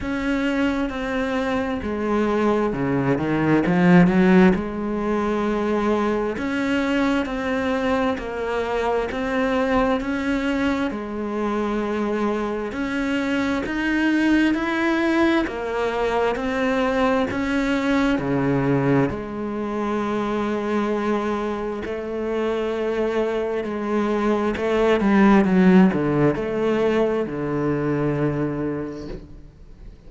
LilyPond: \new Staff \with { instrumentName = "cello" } { \time 4/4 \tempo 4 = 66 cis'4 c'4 gis4 cis8 dis8 | f8 fis8 gis2 cis'4 | c'4 ais4 c'4 cis'4 | gis2 cis'4 dis'4 |
e'4 ais4 c'4 cis'4 | cis4 gis2. | a2 gis4 a8 g8 | fis8 d8 a4 d2 | }